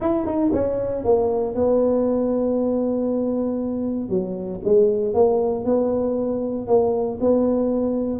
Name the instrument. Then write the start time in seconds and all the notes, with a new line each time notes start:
tuba
0.00 E4
0.26 D#4
0.53 C#4
1.04 A#3
1.54 B3
4.09 F#3
4.64 G#3
5.14 A#3
5.64 B3
6.67 A#3
7.20 B3